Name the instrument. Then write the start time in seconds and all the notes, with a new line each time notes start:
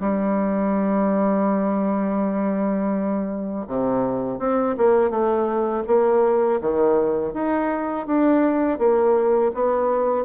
bassoon
0.00 G3
3.67 C3
4.39 C4
4.77 A#3
5.10 A3
5.87 A#3
6.61 D#3
7.33 D#4
8.07 D4
8.78 A#3
9.54 B3